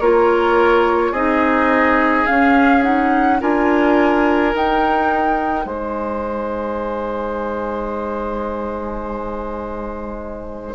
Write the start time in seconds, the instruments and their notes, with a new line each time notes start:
0.00 bassoon A#3, clarinet F4, oboe A#4, flute C#5
1.12 bassoon C4, clarinet D#4, oboe G#4, flute D#5
2.26 clarinet C#4, bassoon C#4, flute F5
2.83 clarinet D#4, flute F#5
3.40 bassoon D4, clarinet F4, oboe A#4, flute G#5
4.54 clarinet D#4, bassoon D#4, flute G5
5.65 bassoon G#3, oboe C5, flute G#5